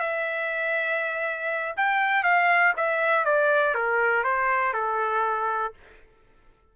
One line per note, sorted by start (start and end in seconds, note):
0.00 1.75 E5
1.77 2.23 G5
2.23 2.73 F5
2.77 3.25 E5
3.25 3.75 D5
3.75 4.24 A#4
4.24 4.74 C5
4.74 5.74 A4